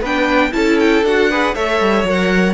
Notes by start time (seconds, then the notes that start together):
0.00 B3 D4 B4 G5
0.51 C#4 E4 A4 A5
0.79 G5
1.02 D4 F#4 F#5
1.30 G#4 B4
1.54 A3 A4 C#5 E5
1.80 G3
2.03 F#3 A#4
2.10 F#5